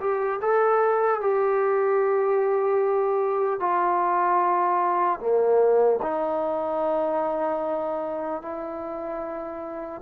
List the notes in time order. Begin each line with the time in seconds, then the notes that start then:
0.00 G4
0.41 A4
1.21 G4
3.60 F4
5.19 A#3
6.02 D#4
8.41 E4